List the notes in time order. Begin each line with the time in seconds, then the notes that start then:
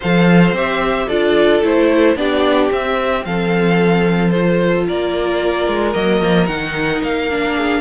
0.00 F3 A4 C5 F5
0.52 C4 G4 E5
1.07 D4 F4 A4 D5
1.62 A3 E4 C5
2.15 B3 D4 G4 D5
2.70 C4 E5
3.24 F3 A4 F5
4.30 F4 C5
4.87 A#3 A#4 D5
5.67 G#3
5.93 F#3 A#3 D#5
6.21 F3
6.46 D#3 D#4 F#5
7.03 A#3 F5
7.30 D4
7.55 G#4